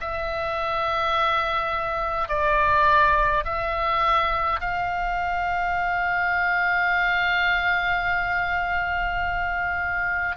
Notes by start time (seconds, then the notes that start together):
0.00 E5
2.29 D5
3.45 E5
4.60 F5